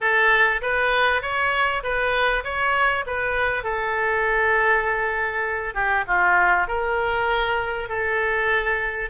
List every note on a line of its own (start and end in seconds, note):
0.00 0.61 A4
0.61 1.22 B4
1.22 1.82 C#5
1.83 2.43 B4
2.44 3.04 C#5
3.06 3.63 B4
3.63 5.74 A4
5.74 6.04 G4
6.07 6.67 F4
6.67 7.88 A#4
7.88 9.10 A4